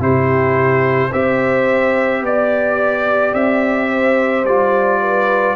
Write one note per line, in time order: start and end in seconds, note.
0.00 1.11 C3
0.00 1.11 E4
0.00 1.12 G4
0.00 1.12 C5
1.12 2.21 C4
1.12 4.45 G4
1.12 2.23 C5
1.12 2.24 E5
2.21 3.32 B3
2.21 3.34 D5
2.21 3.89 D5
3.33 4.44 C4
3.33 4.45 E5
3.89 5.00 C5
4.44 5.55 G3
4.44 5.56 F4
4.44 5.56 D5
5.00 5.56 B4